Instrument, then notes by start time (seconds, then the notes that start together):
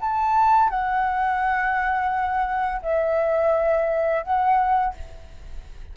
flute
0.00 A5
0.70 F#5
2.82 E5
4.23 F#5